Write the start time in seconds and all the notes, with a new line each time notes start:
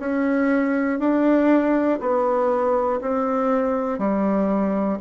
0.00 C#4
1.00 D4
2.01 B3
3.01 C4
3.99 G3